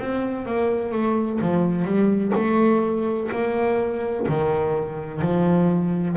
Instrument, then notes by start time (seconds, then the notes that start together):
double bass
0.00 C4
0.46 A#3
0.92 A3
1.42 F3
1.85 G3
2.35 A3
3.32 A#3
4.29 D#3
5.22 F3